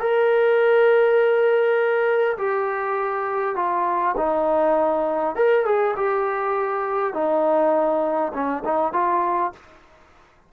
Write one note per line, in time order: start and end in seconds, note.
0.00 2.38 A#4
2.38 3.56 G4
3.56 4.16 F4
4.18 5.36 D#4
5.36 5.66 A#4
5.66 5.95 G#4
5.97 7.14 G4
7.14 8.33 D#4
8.34 8.64 C#4
8.65 8.93 D#4
8.93 9.53 F4